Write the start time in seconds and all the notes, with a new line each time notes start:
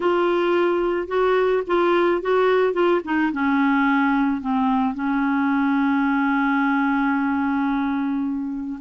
0.00 F4
1.07 F#4
1.67 F4
2.21 F#4
2.73 F4
3.04 D#4
3.32 C#4
4.41 C4
4.94 C#4